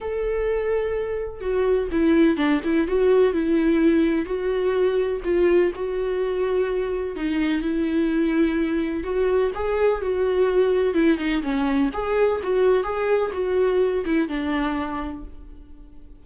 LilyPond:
\new Staff \with { instrumentName = "viola" } { \time 4/4 \tempo 4 = 126 a'2. fis'4 | e'4 d'8 e'8 fis'4 e'4~ | e'4 fis'2 f'4 | fis'2. dis'4 |
e'2. fis'4 | gis'4 fis'2 e'8 dis'8 | cis'4 gis'4 fis'4 gis'4 | fis'4. e'8 d'2 | }